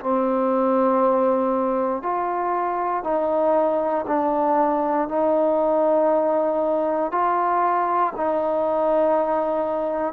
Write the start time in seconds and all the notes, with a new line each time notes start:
0.00 C4
2.02 F4
3.04 D#4
4.08 D4
5.08 D#4
7.12 F4
8.17 D#4